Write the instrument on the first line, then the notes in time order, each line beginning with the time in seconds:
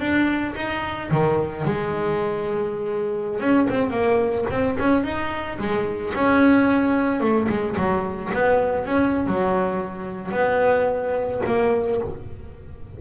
double bass
0.00 D4
0.56 D#4
1.11 D#3
1.65 G#3
3.40 C#4
3.70 C4
3.91 A#3
4.50 C4
4.79 C#4
5.04 D#4
5.59 G#3
6.14 C#4
7.20 A3
7.49 G#3
7.77 F#3
8.34 B3
8.86 C#4
9.27 F#3
10.32 B3
11.46 A#3